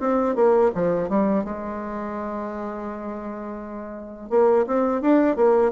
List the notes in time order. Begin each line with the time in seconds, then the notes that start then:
0.00 C4
0.36 A#3
0.75 F3
1.09 G3
1.44 G#3
4.30 A#3
4.67 C4
5.02 D4
5.36 A#3